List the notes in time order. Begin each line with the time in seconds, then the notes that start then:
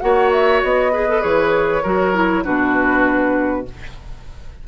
0.00 A#3 F#4 C#5 F#5
0.32 E5
0.63 B3 D#5
0.92 G#4 B4
1.08 A4
1.20 E3 G#4 C#5
1.83 F#3 F#4 A#4
2.14 E4
2.44 B2 D4 F#4 B4